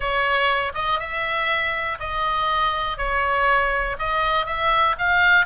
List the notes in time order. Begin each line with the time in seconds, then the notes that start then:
0.00 C#5
0.74 D#5
0.99 E5
1.99 D#5
2.97 C#5
3.98 D#5
4.45 E5
4.98 F5